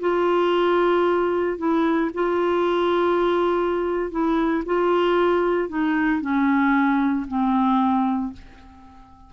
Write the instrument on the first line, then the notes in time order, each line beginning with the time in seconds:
clarinet
0.00 F4
1.58 E4
2.14 F4
4.11 E4
4.66 F4
5.69 D#4
6.21 C#4
7.28 C4